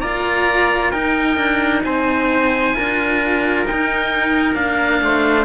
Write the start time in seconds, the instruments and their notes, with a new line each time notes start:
0.00 cello A#3 F4, trumpet D5, oboe A#5
0.90 cello D#4, trumpet A#4, oboe G5
1.37 cello D4
1.83 cello C4, trumpet C5, oboe G#5
2.75 cello D4 F4, trumpet A#4
3.65 cello D#4, oboe G5
4.55 cello A#3 D4, oboe F5
5.02 cello A3, trumpet C5